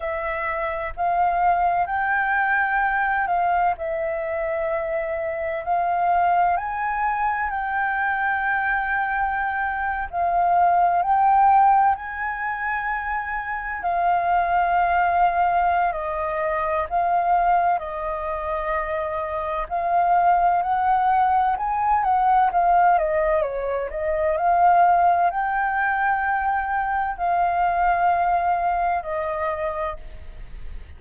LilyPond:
\new Staff \with { instrumentName = "flute" } { \time 4/4 \tempo 4 = 64 e''4 f''4 g''4. f''8 | e''2 f''4 gis''4 | g''2~ g''8. f''4 g''16~ | g''8. gis''2 f''4~ f''16~ |
f''4 dis''4 f''4 dis''4~ | dis''4 f''4 fis''4 gis''8 fis''8 | f''8 dis''8 cis''8 dis''8 f''4 g''4~ | g''4 f''2 dis''4 | }